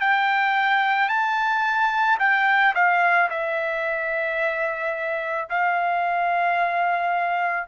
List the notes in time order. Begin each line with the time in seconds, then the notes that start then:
0.00 G5
1.09 A5
2.19 G5
2.74 F5
3.30 E5
5.49 F5